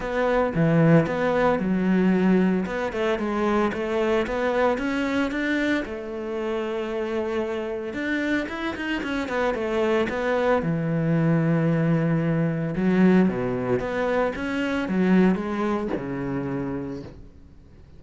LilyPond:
\new Staff \with { instrumentName = "cello" } { \time 4/4 \tempo 4 = 113 b4 e4 b4 fis4~ | fis4 b8 a8 gis4 a4 | b4 cis'4 d'4 a4~ | a2. d'4 |
e'8 dis'8 cis'8 b8 a4 b4 | e1 | fis4 b,4 b4 cis'4 | fis4 gis4 cis2 | }